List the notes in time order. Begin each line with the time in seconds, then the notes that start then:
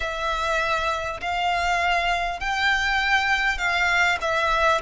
0.00 E5
1.20 F5
2.40 G5
3.57 F5
4.21 E5